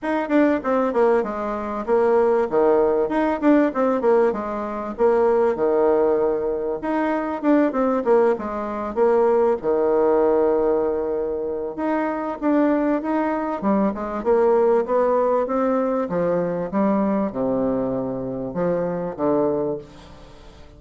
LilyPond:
\new Staff \with { instrumentName = "bassoon" } { \time 4/4 \tempo 4 = 97 dis'8 d'8 c'8 ais8 gis4 ais4 | dis4 dis'8 d'8 c'8 ais8 gis4 | ais4 dis2 dis'4 | d'8 c'8 ais8 gis4 ais4 dis8~ |
dis2. dis'4 | d'4 dis'4 g8 gis8 ais4 | b4 c'4 f4 g4 | c2 f4 d4 | }